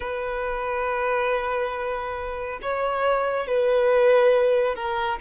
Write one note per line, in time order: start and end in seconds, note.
0.00 2.60 B4
2.61 3.47 C#5
3.47 4.75 B4
4.75 5.19 A#4